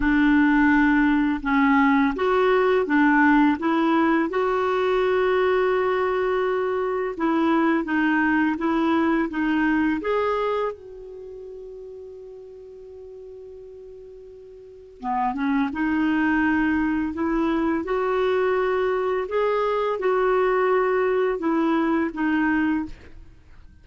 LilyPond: \new Staff \with { instrumentName = "clarinet" } { \time 4/4 \tempo 4 = 84 d'2 cis'4 fis'4 | d'4 e'4 fis'2~ | fis'2 e'4 dis'4 | e'4 dis'4 gis'4 fis'4~ |
fis'1~ | fis'4 b8 cis'8 dis'2 | e'4 fis'2 gis'4 | fis'2 e'4 dis'4 | }